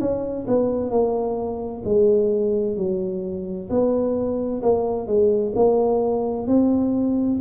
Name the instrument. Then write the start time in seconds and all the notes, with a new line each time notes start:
tuba
0.00 C#4
0.47 B3
0.90 A#3
1.85 G#3
2.77 F#3
3.70 B3
4.62 A#3
5.07 G#3
5.56 A#3
6.47 C4